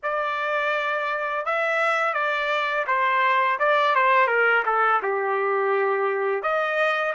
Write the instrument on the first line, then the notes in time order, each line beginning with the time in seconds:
trumpet
0.03 D5
1.45 E5
2.13 D5
2.86 C5
3.59 D5
3.94 C5
4.27 A#4
4.65 A4
5.02 G4
6.42 D#5